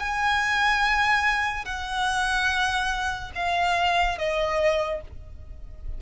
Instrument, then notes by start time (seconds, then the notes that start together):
violin
0.00 G#5
1.65 F#5
3.36 F5
4.19 D#5